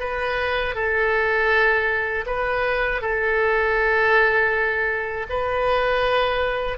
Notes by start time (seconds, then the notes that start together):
0.00 B4
0.75 A4
2.27 B4
3.02 A4
5.29 B4